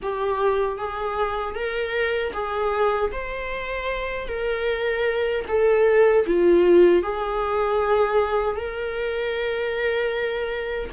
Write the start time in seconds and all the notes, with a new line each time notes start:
0.02 G4
0.78 G#4
1.54 A#4
2.33 G#4
3.12 C5
4.28 A#4
5.48 A4
6.26 F4
7.03 G#4
8.56 A#4